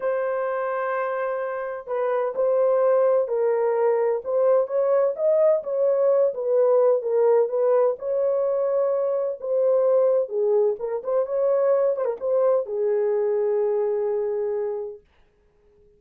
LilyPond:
\new Staff \with { instrumentName = "horn" } { \time 4/4 \tempo 4 = 128 c''1 | b'4 c''2 ais'4~ | ais'4 c''4 cis''4 dis''4 | cis''4. b'4. ais'4 |
b'4 cis''2. | c''2 gis'4 ais'8 c''8 | cis''4. c''16 ais'16 c''4 gis'4~ | gis'1 | }